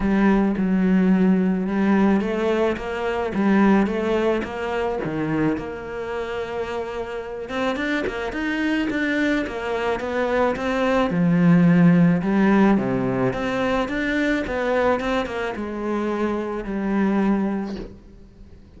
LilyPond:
\new Staff \with { instrumentName = "cello" } { \time 4/4 \tempo 4 = 108 g4 fis2 g4 | a4 ais4 g4 a4 | ais4 dis4 ais2~ | ais4. c'8 d'8 ais8 dis'4 |
d'4 ais4 b4 c'4 | f2 g4 c4 | c'4 d'4 b4 c'8 ais8 | gis2 g2 | }